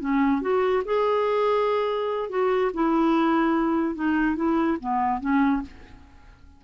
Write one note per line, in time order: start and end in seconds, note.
0.00 0.41 C#4
0.41 0.83 F#4
0.85 2.29 G#4
2.29 2.71 F#4
2.74 3.95 E4
3.95 4.35 D#4
4.35 4.77 E4
4.80 5.20 B3
5.20 5.62 C#4